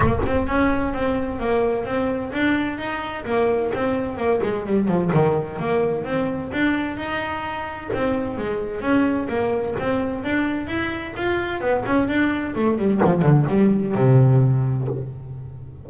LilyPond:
\new Staff \with { instrumentName = "double bass" } { \time 4/4 \tempo 4 = 129 ais8 c'8 cis'4 c'4 ais4 | c'4 d'4 dis'4 ais4 | c'4 ais8 gis8 g8 f8 dis4 | ais4 c'4 d'4 dis'4~ |
dis'4 c'4 gis4 cis'4 | ais4 c'4 d'4 e'4 | f'4 b8 cis'8 d'4 a8 g8 | f8 d8 g4 c2 | }